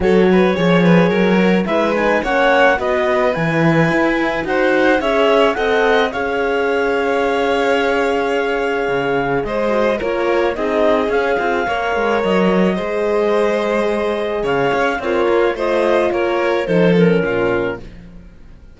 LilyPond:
<<
  \new Staff \with { instrumentName = "clarinet" } { \time 4/4 \tempo 4 = 108 cis''2. e''8 gis''8 | fis''4 dis''4 gis''2 | fis''4 e''4 fis''4 f''4~ | f''1~ |
f''4 dis''4 cis''4 dis''4 | f''2 dis''2~ | dis''2 f''4 cis''4 | dis''4 cis''4 c''8 ais'4. | }
  \new Staff \with { instrumentName = "violin" } { \time 4/4 a'8 b'8 cis''8 b'8 ais'4 b'4 | cis''4 b'2. | c''4 cis''4 dis''4 cis''4~ | cis''1~ |
cis''4 c''4 ais'4 gis'4~ | gis'4 cis''2 c''4~ | c''2 cis''4 f'4 | c''4 ais'4 a'4 f'4 | }
  \new Staff \with { instrumentName = "horn" } { \time 4/4 fis'4 gis'4. fis'8 e'8 dis'8 | cis'4 fis'4 e'2 | fis'4 gis'4 a'4 gis'4~ | gis'1~ |
gis'4. fis'8 f'4 dis'4 | cis'8 f'8 ais'2 gis'4~ | gis'2. ais'4 | f'2 dis'8 cis'4. | }
  \new Staff \with { instrumentName = "cello" } { \time 4/4 fis4 f4 fis4 gis4 | ais4 b4 e4 e'4 | dis'4 cis'4 c'4 cis'4~ | cis'1 |
cis4 gis4 ais4 c'4 | cis'8 c'8 ais8 gis8 fis4 gis4~ | gis2 cis8 cis'8 c'8 ais8 | a4 ais4 f4 ais,4 | }
>>